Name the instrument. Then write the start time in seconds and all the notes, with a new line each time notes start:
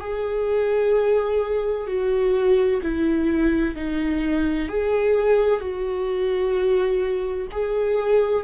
viola
0.00 G#4
1.87 F#4
2.83 E4
3.75 D#4
4.69 G#4
5.60 F#4
7.52 G#4